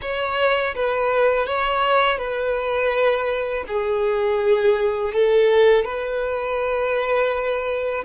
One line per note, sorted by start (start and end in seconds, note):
0.01 0.75 C#5
0.75 1.46 B4
1.46 2.18 C#5
2.18 3.64 B4
3.67 5.13 G#4
5.13 5.84 A4
5.84 8.04 B4